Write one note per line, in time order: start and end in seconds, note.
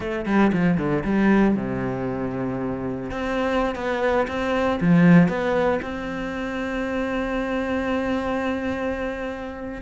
0.00 0.25 A3
0.25 0.51 G3
0.52 0.77 F3
0.77 1.03 D3
1.04 1.55 G3
1.55 3.10 C3
3.10 3.75 C4
3.75 4.26 B3
4.27 4.79 C4
4.80 5.28 F3
5.28 5.80 B3
5.82 9.81 C4